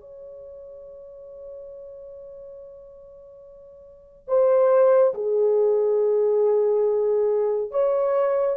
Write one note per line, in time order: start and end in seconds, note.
0.00 4.27 C#5
4.27 5.13 C5
5.14 7.71 G#4
7.71 8.56 C#5